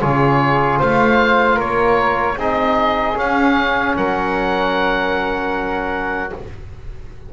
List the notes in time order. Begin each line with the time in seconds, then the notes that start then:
0.00 C#3 F4 G#4 C#5
0.79 A3 C5 F5
1.55 A#3 A#4 C#5
2.37 C4 D#4 G#4 D#5
3.15 C#4 F5
3.96 F#3 A#4 F#5